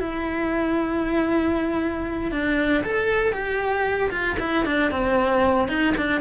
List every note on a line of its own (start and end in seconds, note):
0.00 2.32 E4
2.32 2.84 D4
2.84 3.33 A4
3.33 4.10 G4
4.11 4.37 F4
4.40 4.66 E4
4.66 4.91 D4
4.91 5.68 C4
5.68 5.94 D#4
5.97 6.21 D4